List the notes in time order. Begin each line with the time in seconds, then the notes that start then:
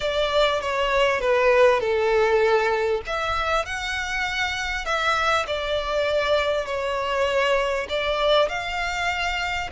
0.00 D5
0.60 C#5
1.20 B4
1.80 A4
3.06 E5
3.65 F#5
4.85 E5
5.46 D5
6.65 C#5
7.89 D5
8.48 F5